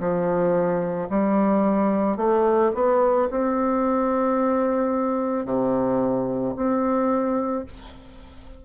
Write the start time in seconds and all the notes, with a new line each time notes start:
0.00 F3
1.10 G3
2.17 A3
2.75 B3
3.31 C4
5.45 C3
6.56 C4